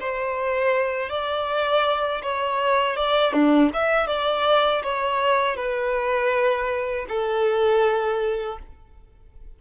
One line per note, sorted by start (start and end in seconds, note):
0.00 1.09 C5
1.09 2.22 D5
2.22 2.96 C#5
2.96 3.33 D5
3.33 3.70 D4
3.73 4.07 E5
4.07 4.82 D5
4.83 5.56 C#5
5.56 7.06 B4
7.08 8.58 A4